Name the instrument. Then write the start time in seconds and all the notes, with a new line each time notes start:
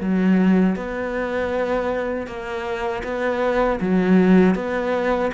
cello
0.00 F#3
0.76 B3
2.26 A#3
3.03 B3
3.80 F#3
4.55 B3